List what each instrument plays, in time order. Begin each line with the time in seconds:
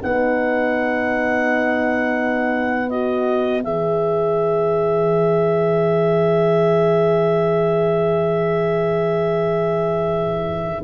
0.00 tuba B3, horn D#4 B4, clarinet F#5
2.90 horn F#4, clarinet D#5
3.64 tuba E3, horn G#4, clarinet E5